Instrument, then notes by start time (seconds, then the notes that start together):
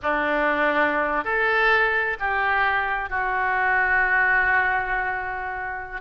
oboe
0.02 D4
1.24 A4
2.19 G4
3.09 F#4